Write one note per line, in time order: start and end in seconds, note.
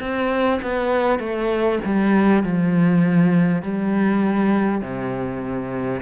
0.00 0.60 C4
0.62 1.19 B3
1.19 1.79 A3
1.84 2.43 G3
2.43 3.62 F3
3.62 4.81 G3
4.81 6.01 C3